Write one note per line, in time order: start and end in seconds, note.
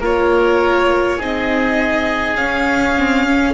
0.00 1.19 A#3
0.00 1.20 F4
0.00 1.17 A#4
0.00 1.22 C#5
1.17 2.34 C4
1.17 2.37 D#4
1.17 3.53 G#4
1.17 2.36 D#5
2.34 3.52 C#4
2.34 2.98 C#4
2.34 3.54 F5
2.98 3.26 C4
3.26 3.54 C#4